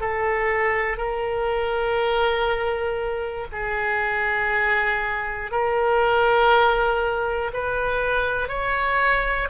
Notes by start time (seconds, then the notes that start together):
0.00 A4
0.97 A#4
3.51 G#4
5.50 A#4
7.53 B4
8.48 C#5